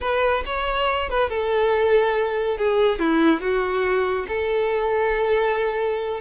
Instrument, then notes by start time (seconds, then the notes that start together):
violin
0.00 B4
0.45 C#5
1.09 B4
1.29 A4
2.57 G#4
2.99 E4
3.40 F#4
4.28 A4